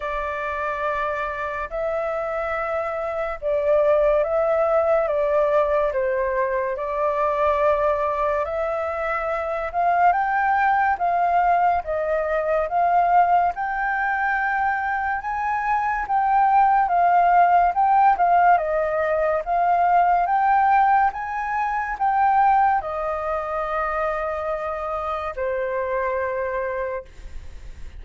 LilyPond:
\new Staff \with { instrumentName = "flute" } { \time 4/4 \tempo 4 = 71 d''2 e''2 | d''4 e''4 d''4 c''4 | d''2 e''4. f''8 | g''4 f''4 dis''4 f''4 |
g''2 gis''4 g''4 | f''4 g''8 f''8 dis''4 f''4 | g''4 gis''4 g''4 dis''4~ | dis''2 c''2 | }